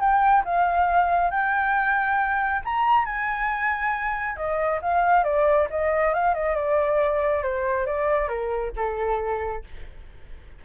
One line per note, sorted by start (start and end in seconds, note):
0.00 0.44 G5
0.45 1.31 F5
1.31 2.62 G5
2.65 3.06 A#5
3.06 4.37 G#5
4.37 4.80 D#5
4.82 5.24 F5
5.24 5.68 D5
5.71 6.14 D#5
6.14 6.35 F5
6.35 6.56 D#5
6.56 7.43 D5
7.43 7.87 C5
7.87 8.29 D5
8.29 8.72 A#4
8.77 9.64 A4